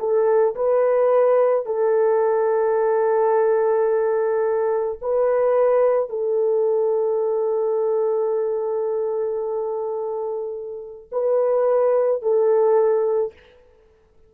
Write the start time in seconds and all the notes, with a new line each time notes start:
0.00 A4
0.56 B4
1.66 A4
5.02 B4
6.10 A4
11.12 B4
12.22 A4